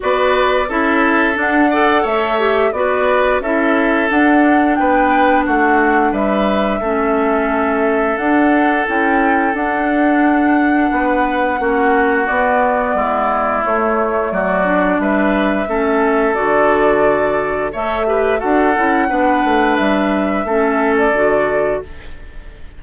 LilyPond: <<
  \new Staff \with { instrumentName = "flute" } { \time 4/4 \tempo 4 = 88 d''4 e''4 fis''4 e''4 | d''4 e''4 fis''4 g''4 | fis''4 e''2. | fis''4 g''4 fis''2~ |
fis''2 d''2 | cis''4 d''4 e''2 | d''2 e''4 fis''4~ | fis''4 e''4.~ e''16 d''4~ d''16 | }
  \new Staff \with { instrumentName = "oboe" } { \time 4/4 b'4 a'4. d''8 cis''4 | b'4 a'2 b'4 | fis'4 b'4 a'2~ | a'1 |
b'4 fis'2 e'4~ | e'4 fis'4 b'4 a'4~ | a'2 cis''8 b'8 a'4 | b'2 a'2 | }
  \new Staff \with { instrumentName = "clarinet" } { \time 4/4 fis'4 e'4 d'8 a'4 g'8 | fis'4 e'4 d'2~ | d'2 cis'2 | d'4 e'4 d'2~ |
d'4 cis'4 b2 | a4. d'4. cis'4 | fis'2 a'8 g'8 fis'8 e'8 | d'2 cis'4 fis'4 | }
  \new Staff \with { instrumentName = "bassoon" } { \time 4/4 b4 cis'4 d'4 a4 | b4 cis'4 d'4 b4 | a4 g4 a2 | d'4 cis'4 d'2 |
b4 ais4 b4 gis4 | a4 fis4 g4 a4 | d2 a4 d'8 cis'8 | b8 a8 g4 a4 d4 | }
>>